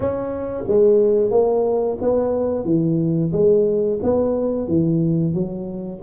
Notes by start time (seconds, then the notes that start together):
0.00 C#4
0.67 G#3
1.31 A#3
2.01 B3
2.65 E3
3.32 G#3
4.02 B3
4.67 E3
5.34 F#3